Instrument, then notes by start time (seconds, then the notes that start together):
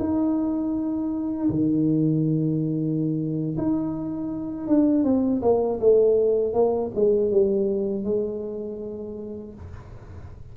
tuba
0.00 D#4
1.50 D#3
3.58 D#4
4.68 D4
5.05 C4
5.42 A#3
5.80 A3
6.54 A#3
6.95 G#3
7.32 G3
8.05 G#3